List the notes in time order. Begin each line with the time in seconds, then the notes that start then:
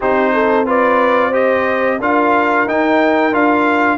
0.00 C4 D#4 G4 C5
0.33 A4
0.66 F4 B4 D5
1.29 G4 C5 D#5
1.99 D4 F4 A#4 F5
2.67 D#4 G5
3.32 D4 F4 F5